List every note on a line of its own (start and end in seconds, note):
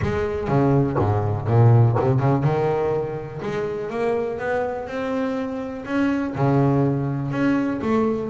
0.02 0.48 G#3
0.48 0.96 C#3
0.98 1.47 G#2
1.47 1.96 A#2
1.99 2.19 C3
2.19 2.43 C#3
2.43 3.41 D#3
3.42 3.90 G#3
3.90 4.38 A#3
4.38 4.87 B3
4.87 5.84 C4
5.85 6.33 C#4
6.35 7.31 C#3
7.31 7.80 C#4
7.81 8.29 A3